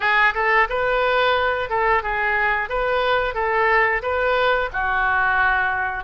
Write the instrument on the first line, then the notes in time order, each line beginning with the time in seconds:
oboe
0.00 G#4
0.34 A4
0.69 B4
1.69 A4
2.02 G#4
2.69 B4
3.34 A4
4.02 B4
4.72 F#4